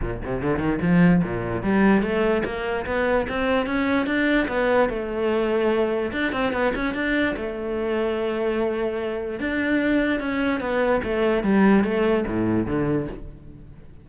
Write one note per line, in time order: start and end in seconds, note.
0.01 0.21 A#2
0.24 0.42 C3
0.42 0.58 D3
0.58 0.79 D#3
0.81 1.22 F3
1.23 1.63 A#2
1.63 2.02 G3
2.02 2.43 A3
2.44 2.85 A#3
2.86 3.26 B3
3.28 3.66 C4
3.66 4.06 C#4
4.06 4.47 D4
4.48 4.89 B3
4.89 6.11 A3
6.12 6.32 D4
6.32 6.52 C4
6.53 6.73 B3
6.75 6.94 C#4
6.94 7.35 D4
7.36 9.39 A3
9.39 10.20 D4
10.20 10.60 C#4
10.60 11.01 B3
11.03 11.43 A3
11.43 11.83 G3
11.83 12.24 A3
12.27 12.66 A2
12.66 13.07 D3